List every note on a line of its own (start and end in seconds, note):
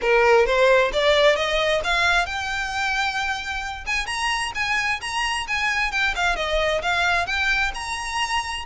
0.01 0.46 A#4
0.46 0.91 C5
0.92 1.35 D5
1.35 1.81 D#5
1.83 2.25 F5
2.25 3.85 G5
3.86 4.06 G#5
4.06 4.51 A#5
4.55 5.00 G#5
5.01 5.46 A#5
5.47 5.91 G#5
5.91 6.14 G5
6.15 6.36 F5
6.36 6.81 D#5
6.81 7.26 F5
7.26 7.71 G5
7.74 8.65 A#5